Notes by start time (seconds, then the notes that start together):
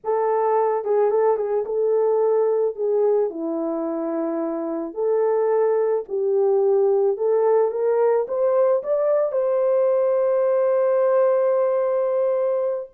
0.04 A4
0.84 G#4
1.10 A4
1.36 G#4
1.65 A4
2.75 G#4
3.30 E4
4.94 A4
6.08 G4
7.17 A4
7.71 A#4
8.27 C5
8.83 D5
9.32 C5